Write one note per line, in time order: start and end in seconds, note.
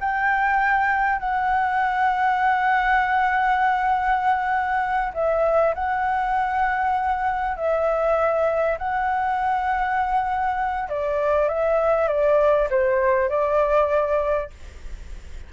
0.00 1.19 G5
1.19 5.13 F#5
5.14 5.74 E5
5.75 7.57 F#5
7.57 8.78 E5
8.79 10.89 F#5
10.89 11.49 D5
11.49 12.08 E5
12.08 12.69 D5
12.70 13.29 C5
13.29 14.50 D5